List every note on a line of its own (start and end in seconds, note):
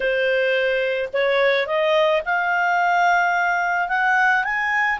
0.00 1.09 C5
1.13 1.66 C#5
1.66 2.22 D#5
2.25 3.88 F5
3.88 4.43 F#5
4.43 4.99 G#5